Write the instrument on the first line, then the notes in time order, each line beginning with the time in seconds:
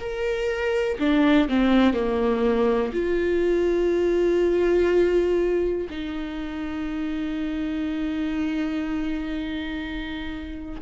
viola
0.00 A#4
0.99 D4
1.48 C4
1.94 A#3
2.93 F4
5.90 D#4